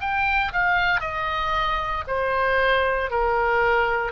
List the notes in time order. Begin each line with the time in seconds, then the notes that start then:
0.00 G5
0.52 F5
1.00 D#5
2.06 C5
3.10 A#4